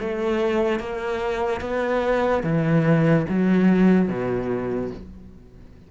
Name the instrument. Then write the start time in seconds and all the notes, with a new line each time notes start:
cello
0.00 A3
0.80 A#3
1.61 B3
2.44 E3
3.29 F#3
4.09 B2